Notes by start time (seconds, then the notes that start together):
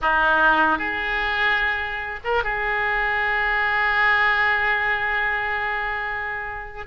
0.01 D#4
0.78 G#4
2.24 A#4
2.43 G#4